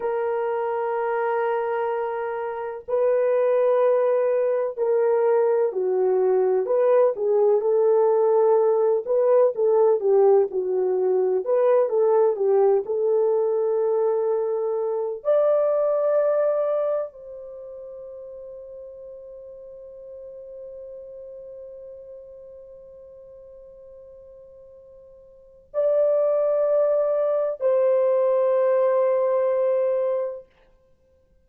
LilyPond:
\new Staff \with { instrumentName = "horn" } { \time 4/4 \tempo 4 = 63 ais'2. b'4~ | b'4 ais'4 fis'4 b'8 gis'8 | a'4. b'8 a'8 g'8 fis'4 | b'8 a'8 g'8 a'2~ a'8 |
d''2 c''2~ | c''1~ | c''2. d''4~ | d''4 c''2. | }